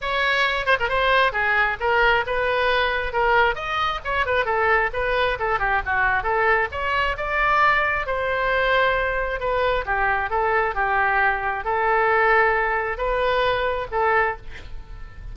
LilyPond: \new Staff \with { instrumentName = "oboe" } { \time 4/4 \tempo 4 = 134 cis''4. c''16 ais'16 c''4 gis'4 | ais'4 b'2 ais'4 | dis''4 cis''8 b'8 a'4 b'4 | a'8 g'8 fis'4 a'4 cis''4 |
d''2 c''2~ | c''4 b'4 g'4 a'4 | g'2 a'2~ | a'4 b'2 a'4 | }